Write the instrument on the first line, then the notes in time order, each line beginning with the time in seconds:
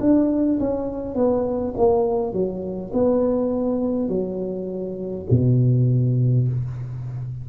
tuba
0.00 D4
0.59 C#4
1.15 B3
1.77 A#3
2.33 F#3
2.93 B3
4.09 F#3
5.30 B2